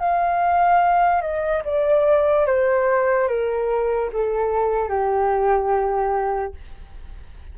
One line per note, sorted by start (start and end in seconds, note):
0.00 1.22 F5
1.22 1.63 D#5
1.65 2.47 D5
2.47 3.28 C5
3.28 4.11 A#4
4.13 4.89 A4
4.89 6.54 G4